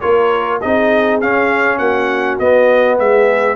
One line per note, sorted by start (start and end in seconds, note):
0.00 0.63 A#3
0.00 0.60 F4
0.00 0.60 A#4
0.00 0.59 C#5
0.61 1.23 C4
0.61 1.21 D#4
0.61 1.78 G#4
0.61 1.20 D#5
1.21 2.40 C#4
1.21 1.78 C#4
1.21 1.78 F5
1.78 2.38 A#3
1.78 2.97 F#4
1.78 2.37 F#5
2.38 2.98 B3
2.38 3.56 B3
2.38 2.98 D#5
2.98 3.56 G#3
2.98 3.56 G#4
2.98 3.56 E5